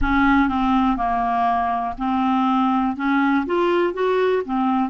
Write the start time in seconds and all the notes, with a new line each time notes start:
0.00 C#4
0.48 C4
0.97 A#3
1.98 C4
2.96 C#4
3.46 F4
3.93 F#4
4.45 C4